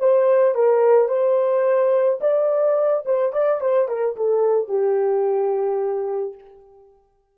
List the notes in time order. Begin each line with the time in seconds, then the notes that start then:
0.00 C5
0.55 A#4
1.09 C5
2.21 D5
3.06 C5
3.33 D5
3.61 C5
3.89 A#4
4.17 A4
4.68 G4